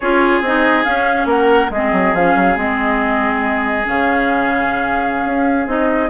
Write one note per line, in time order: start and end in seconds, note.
0.00 0.41 C#4
0.00 0.44 F4
0.00 1.27 G#4
0.00 0.41 C#5
0.41 0.83 C4
0.41 0.84 D#4
0.41 0.84 D#5
0.84 1.70 C#4
0.84 1.25 C#4
0.84 1.27 F5
1.25 1.68 A#3
1.25 1.70 A#4
1.25 1.72 F#5
1.70 1.91 G#3
1.70 2.17 C4
1.70 6.09 G#4
1.70 2.15 D#5
1.92 2.13 F#3
2.13 2.35 F3
2.13 2.55 C#4
2.13 2.57 F5
2.35 2.56 F#3
2.55 3.85 G#3
2.55 3.84 C4
2.55 3.87 D#5
3.84 5.25 C#3
3.84 5.66 C#4
3.84 5.68 F5
5.25 5.66 C#4
5.66 6.09 C4
5.66 6.09 D#4
5.66 6.09 D#5